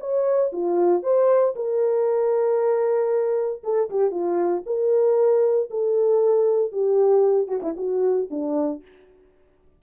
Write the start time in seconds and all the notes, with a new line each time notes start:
0.00 C#5
0.52 F4
1.03 C5
1.55 A#4
3.64 A4
3.90 G4
4.11 F4
4.66 A#4
5.70 A4
6.72 G4
7.48 F#4
7.62 E4
7.77 F#4
8.30 D4